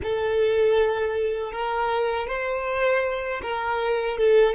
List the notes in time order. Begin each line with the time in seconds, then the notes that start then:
0.02 A4
1.52 A#4
2.27 C5
3.42 A#4
4.17 A4